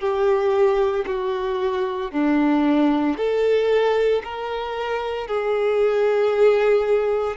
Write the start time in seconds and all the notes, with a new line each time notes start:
0.00 G4
1.07 F#4
2.12 D4
3.18 A4
4.24 A#4
5.28 G#4